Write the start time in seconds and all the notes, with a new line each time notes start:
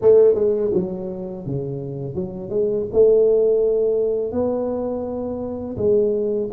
0.01 A3
0.35 G#3
0.73 F#3
1.46 C#3
2.14 F#3
2.49 G#3
2.92 A3
4.32 B3
5.77 G#3